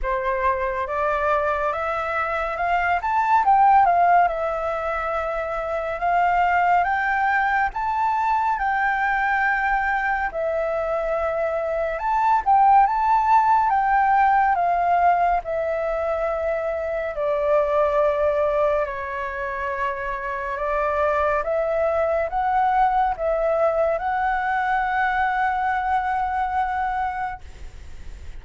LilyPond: \new Staff \with { instrumentName = "flute" } { \time 4/4 \tempo 4 = 70 c''4 d''4 e''4 f''8 a''8 | g''8 f''8 e''2 f''4 | g''4 a''4 g''2 | e''2 a''8 g''8 a''4 |
g''4 f''4 e''2 | d''2 cis''2 | d''4 e''4 fis''4 e''4 | fis''1 | }